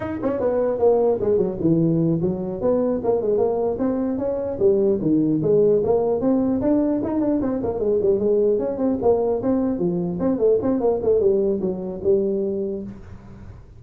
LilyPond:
\new Staff \with { instrumentName = "tuba" } { \time 4/4 \tempo 4 = 150 dis'8 cis'8 b4 ais4 gis8 fis8 | e4. fis4 b4 ais8 | gis8 ais4 c'4 cis'4 g8~ | g8 dis4 gis4 ais4 c'8~ |
c'8 d'4 dis'8 d'8 c'8 ais8 gis8 | g8 gis4 cis'8 c'8 ais4 c'8~ | c'8 f4 c'8 a8 c'8 ais8 a8 | g4 fis4 g2 | }